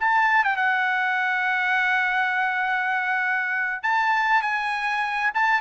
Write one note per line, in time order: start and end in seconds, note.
0.00 0.44 A5
0.44 0.56 G5
0.56 3.83 F#5
3.83 4.42 A5
4.42 5.31 G#5
5.34 5.61 A5